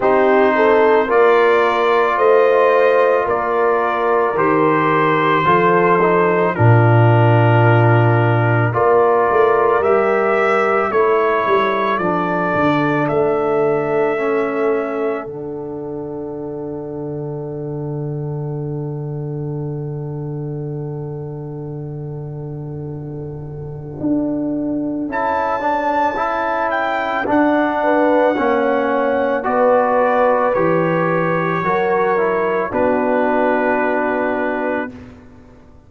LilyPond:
<<
  \new Staff \with { instrumentName = "trumpet" } { \time 4/4 \tempo 4 = 55 c''4 d''4 dis''4 d''4 | c''2 ais'2 | d''4 e''4 cis''4 d''4 | e''2 fis''2~ |
fis''1~ | fis''2. a''4~ | a''8 g''8 fis''2 d''4 | cis''2 b'2 | }
  \new Staff \with { instrumentName = "horn" } { \time 4/4 g'8 a'8 ais'4 c''4 ais'4~ | ais'4 a'4 f'2 | ais'2 a'2~ | a'1~ |
a'1~ | a'1~ | a'4. b'8 cis''4 b'4~ | b'4 ais'4 fis'2 | }
  \new Staff \with { instrumentName = "trombone" } { \time 4/4 dis'4 f'2. | g'4 f'8 dis'8 d'2 | f'4 g'4 e'4 d'4~ | d'4 cis'4 d'2~ |
d'1~ | d'2. e'8 d'8 | e'4 d'4 cis'4 fis'4 | g'4 fis'8 e'8 d'2 | }
  \new Staff \with { instrumentName = "tuba" } { \time 4/4 c'4 ais4 a4 ais4 | dis4 f4 ais,2 | ais8 a8 g4 a8 g8 f8 d8 | a2 d2~ |
d1~ | d2 d'4 cis'4~ | cis'4 d'4 ais4 b4 | e4 fis4 b2 | }
>>